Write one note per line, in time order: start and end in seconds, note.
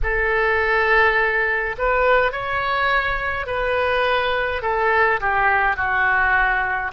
0.03 1.76 A4
1.77 2.32 B4
2.32 3.46 C#5
3.46 4.62 B4
4.62 5.19 A4
5.20 5.76 G4
5.76 6.91 F#4